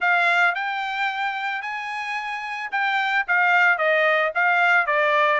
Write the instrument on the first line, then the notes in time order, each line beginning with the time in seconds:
trumpet
0.00 F5
0.54 G5
1.62 G#5
2.71 G5
3.27 F5
3.78 D#5
4.34 F5
4.86 D5